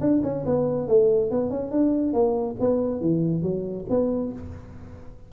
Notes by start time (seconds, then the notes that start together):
0.00 D4
0.23 C#4
0.45 B3
0.88 A3
1.31 B3
1.50 C#4
1.71 D4
2.13 A#3
2.60 B3
3.01 E3
3.42 F#3
3.89 B3